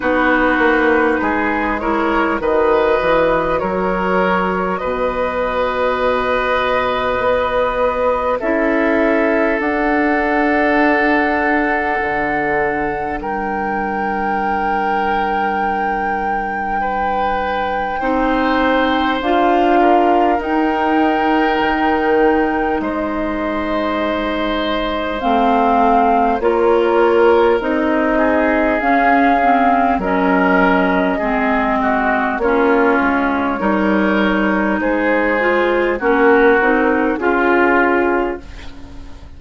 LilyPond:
<<
  \new Staff \with { instrumentName = "flute" } { \time 4/4 \tempo 4 = 50 b'4. cis''8 dis''4 cis''4 | dis''2. e''4 | fis''2. g''4~ | g''1 |
f''4 g''2 dis''4~ | dis''4 f''4 cis''4 dis''4 | f''4 dis''2 cis''4~ | cis''4 c''4 ais'4 gis'4 | }
  \new Staff \with { instrumentName = "oboe" } { \time 4/4 fis'4 gis'8 ais'8 b'4 ais'4 | b'2. a'4~ | a'2. ais'4~ | ais'2 b'4 c''4~ |
c''8 ais'2~ ais'8 c''4~ | c''2 ais'4. gis'8~ | gis'4 ais'4 gis'8 fis'8 f'4 | ais'4 gis'4 fis'4 f'4 | }
  \new Staff \with { instrumentName = "clarinet" } { \time 4/4 dis'4. e'8 fis'2~ | fis'2. e'4 | d'1~ | d'2. dis'4 |
f'4 dis'2.~ | dis'4 c'4 f'4 dis'4 | cis'8 c'8 cis'4 c'4 cis'4 | dis'4. f'8 cis'8 dis'8 f'4 | }
  \new Staff \with { instrumentName = "bassoon" } { \time 4/4 b8 ais8 gis4 dis8 e8 fis4 | b,2 b4 cis'4 | d'2 d4 g4~ | g2. c'4 |
d'4 dis'4 dis4 gis4~ | gis4 a4 ais4 c'4 | cis'4 fis4 gis4 ais8 gis8 | g4 gis4 ais8 c'8 cis'4 | }
>>